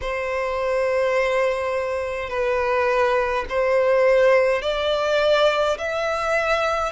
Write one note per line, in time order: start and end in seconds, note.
0.01 2.29 C5
2.29 3.45 B4
3.49 4.62 C5
4.62 5.77 D5
5.77 6.92 E5